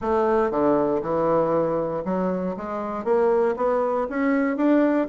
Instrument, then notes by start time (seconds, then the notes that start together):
bassoon
0.01 A3
0.50 D3
1.02 E3
2.05 F#3
2.57 G#3
3.04 A#3
3.56 B3
4.09 C#4
4.56 D4